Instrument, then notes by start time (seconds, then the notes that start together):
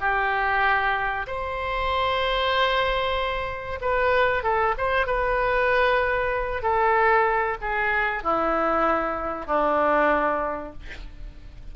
oboe
0.00 G4
1.27 C5
3.81 B4
4.43 A4
4.77 C5
5.06 B4
6.62 A4
7.61 G#4
8.23 E4
9.47 D4